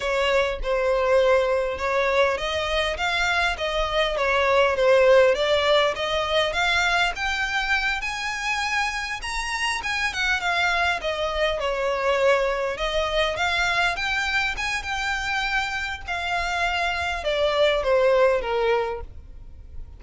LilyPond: \new Staff \with { instrumentName = "violin" } { \time 4/4 \tempo 4 = 101 cis''4 c''2 cis''4 | dis''4 f''4 dis''4 cis''4 | c''4 d''4 dis''4 f''4 | g''4. gis''2 ais''8~ |
ais''8 gis''8 fis''8 f''4 dis''4 cis''8~ | cis''4. dis''4 f''4 g''8~ | g''8 gis''8 g''2 f''4~ | f''4 d''4 c''4 ais'4 | }